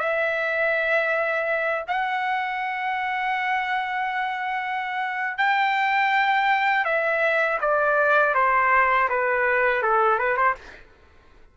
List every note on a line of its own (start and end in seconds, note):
0.00 1.85 E5
1.88 5.38 F#5
5.38 6.85 G5
6.85 7.59 E5
7.61 8.35 D5
8.35 9.09 C5
9.10 9.83 B4
9.83 10.19 A4
10.19 10.37 B4
10.37 10.56 C5